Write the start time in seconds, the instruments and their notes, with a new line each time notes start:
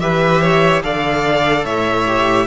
0.00 cello E3, viola G4, violin B4 E5
0.42 violin C#5
0.83 cello D3, viola A4, violin D5 F5
1.65 cello A2, violin C#5 E5
2.07 viola G4